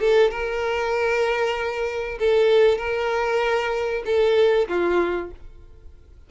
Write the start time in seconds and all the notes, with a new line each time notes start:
0.00 A4
0.31 A#4
2.20 A4
2.78 A#4
4.06 A4
4.68 F4